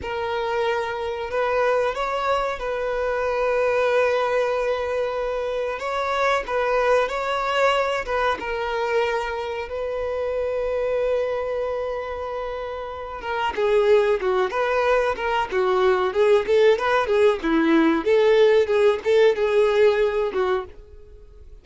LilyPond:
\new Staff \with { instrumentName = "violin" } { \time 4/4 \tempo 4 = 93 ais'2 b'4 cis''4 | b'1~ | b'4 cis''4 b'4 cis''4~ | cis''8 b'8 ais'2 b'4~ |
b'1~ | b'8 ais'8 gis'4 fis'8 b'4 ais'8 | fis'4 gis'8 a'8 b'8 gis'8 e'4 | a'4 gis'8 a'8 gis'4. fis'8 | }